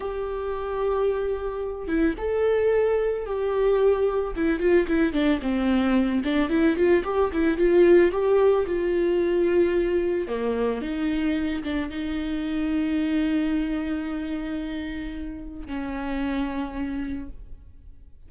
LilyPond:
\new Staff \with { instrumentName = "viola" } { \time 4/4 \tempo 4 = 111 g'2.~ g'8 e'8 | a'2 g'2 | e'8 f'8 e'8 d'8 c'4. d'8 | e'8 f'8 g'8 e'8 f'4 g'4 |
f'2. ais4 | dis'4. d'8 dis'2~ | dis'1~ | dis'4 cis'2. | }